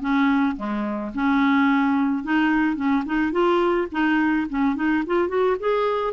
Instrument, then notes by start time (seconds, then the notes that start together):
clarinet
0.00 C#4
0.56 G#3
1.14 C#4
2.23 D#4
2.76 C#4
3.05 D#4
3.32 F4
3.91 D#4
4.49 C#4
4.75 D#4
5.06 F4
5.28 F#4
5.59 G#4